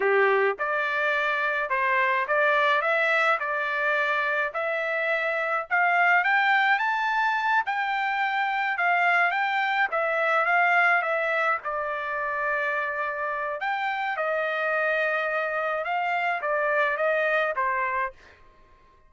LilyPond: \new Staff \with { instrumentName = "trumpet" } { \time 4/4 \tempo 4 = 106 g'4 d''2 c''4 | d''4 e''4 d''2 | e''2 f''4 g''4 | a''4. g''2 f''8~ |
f''8 g''4 e''4 f''4 e''8~ | e''8 d''2.~ d''8 | g''4 dis''2. | f''4 d''4 dis''4 c''4 | }